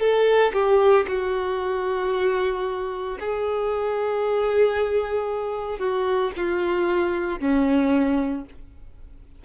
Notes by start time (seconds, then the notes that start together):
0.00 A4
0.53 G4
1.08 F#4
3.20 G#4
5.79 F#4
6.37 F4
7.40 C#4